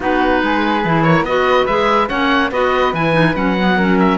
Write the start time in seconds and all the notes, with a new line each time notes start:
0.00 B3 D#4 F#4 B4
0.43 G#3 G#4
0.84 E3 E4
1.02 A#4 C#5
1.21 B3 F#4 B4 D#5
1.66 G#3 G#4 E5
2.08 A#3 C#4 C#5 F#5
2.51 B3 F#4 B4 D#5
2.93 E3 E4 G#5
3.13 D#4
3.34 F#3 C#4 F#5
3.59 B3
3.76 C#4 A#4
3.99 E5